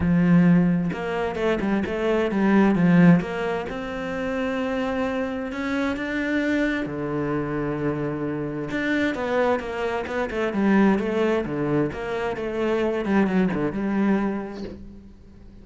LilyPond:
\new Staff \with { instrumentName = "cello" } { \time 4/4 \tempo 4 = 131 f2 ais4 a8 g8 | a4 g4 f4 ais4 | c'1 | cis'4 d'2 d4~ |
d2. d'4 | b4 ais4 b8 a8 g4 | a4 d4 ais4 a4~ | a8 g8 fis8 d8 g2 | }